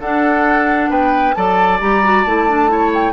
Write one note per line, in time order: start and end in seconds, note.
0.00 0.89 D4
0.00 1.34 D4
0.00 0.90 A4
0.00 0.90 F#5
0.89 1.34 B3
0.89 1.34 B4
0.89 1.34 G5
1.34 1.81 F#3
1.34 1.79 A4
1.34 2.71 D5
1.34 1.79 A5
1.80 2.25 G3
1.80 2.02 G4
1.80 2.23 A#5
2.03 2.26 F#4
2.23 3.12 A3
2.23 2.49 E4
2.23 2.90 A5
2.49 2.68 D4
2.68 3.12 E4
2.68 3.12 C#5
2.93 3.12 G5